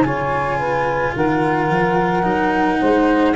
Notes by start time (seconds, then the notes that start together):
0.00 C#3 F4 C#5 G#5
0.57 B4
1.15 D#3 A#4 F#5
1.68 F3
2.23 F#3 D#4
2.79 G#3 C5